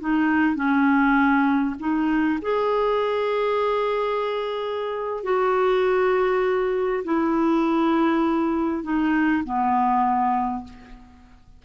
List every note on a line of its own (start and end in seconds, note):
0.00 0.55 D#4
0.55 1.75 C#4
1.79 2.39 D#4
2.41 5.23 G#4
5.23 7.03 F#4
7.04 8.83 E4
8.83 9.43 D#4
9.44 10.64 B3